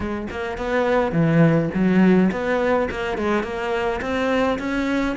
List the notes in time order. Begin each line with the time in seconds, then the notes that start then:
0.00 G#3
0.30 A#3
0.57 B3
1.12 E3
1.74 F#3
2.31 B3
2.90 A#3
3.17 G#3
3.43 A#3
4.01 C4
4.58 C#4